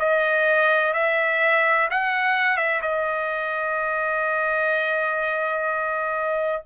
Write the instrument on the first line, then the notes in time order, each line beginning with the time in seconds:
trumpet
0.00 D#5
0.94 E5
1.91 F#5
2.58 E5
2.82 D#5